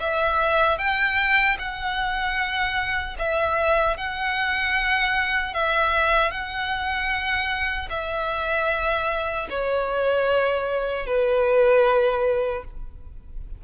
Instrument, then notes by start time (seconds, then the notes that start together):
violin
0.00 E5
0.78 G5
1.59 F#5
3.19 E5
3.97 F#5
5.54 E5
6.31 F#5
7.90 E5
9.50 C#5
11.06 B4